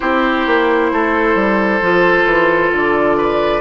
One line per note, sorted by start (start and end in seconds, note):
0.00 0.46 C4
0.00 1.82 E4
0.00 0.91 G4
0.00 2.73 C5
0.46 0.91 A#3
0.91 1.34 A3
0.91 3.17 A4
1.34 1.80 G3
1.81 2.25 F3
1.81 3.61 F4
2.25 2.70 E3
2.71 3.61 D3
2.71 3.61 D5
3.17 3.61 B4